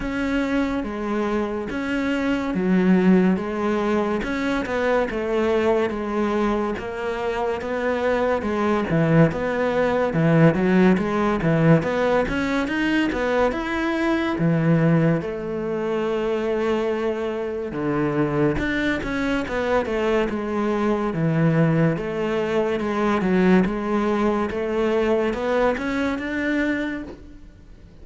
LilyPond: \new Staff \with { instrumentName = "cello" } { \time 4/4 \tempo 4 = 71 cis'4 gis4 cis'4 fis4 | gis4 cis'8 b8 a4 gis4 | ais4 b4 gis8 e8 b4 | e8 fis8 gis8 e8 b8 cis'8 dis'8 b8 |
e'4 e4 a2~ | a4 d4 d'8 cis'8 b8 a8 | gis4 e4 a4 gis8 fis8 | gis4 a4 b8 cis'8 d'4 | }